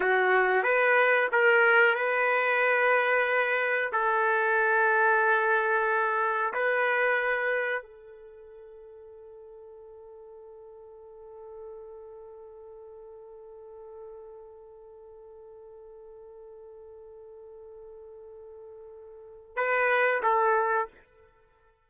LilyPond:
\new Staff \with { instrumentName = "trumpet" } { \time 4/4 \tempo 4 = 92 fis'4 b'4 ais'4 b'4~ | b'2 a'2~ | a'2 b'2 | a'1~ |
a'1~ | a'1~ | a'1~ | a'2 b'4 a'4 | }